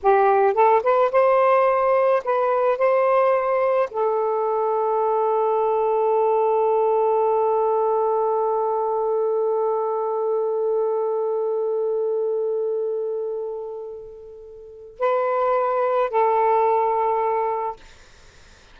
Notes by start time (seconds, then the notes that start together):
0.02 G4
0.54 A4
0.83 B4
1.11 C5
2.24 B4
2.78 C5
3.90 A4
14.99 B4
16.10 A4